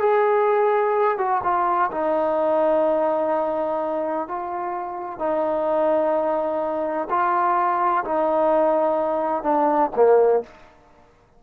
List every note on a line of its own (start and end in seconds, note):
0.00 1.18 G#4
1.18 1.42 F#4
1.43 1.91 F4
1.92 4.28 D#4
4.28 5.19 F4
5.19 7.08 D#4
7.10 8.04 F4
8.05 9.43 D#4
9.43 9.91 D4
9.96 10.43 A#3